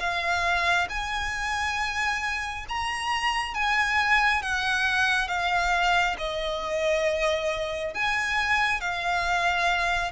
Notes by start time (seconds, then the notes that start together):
0.00 F5
0.89 G#5
2.69 A#5
3.55 G#5
4.42 F#5
5.28 F5
6.18 D#5
7.95 G#5
8.81 F5